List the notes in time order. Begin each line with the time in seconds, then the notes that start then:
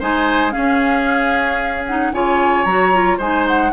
0.00 G#3 D#4 C5 G#5
0.51 C#4 G#4 F5
1.86 D#4 F#5
2.13 C#3 F4 C#5 G#5
2.64 F#3 F#4 A#5
2.93 F4
3.18 G#3 D#4 C5 G#5
3.48 F#5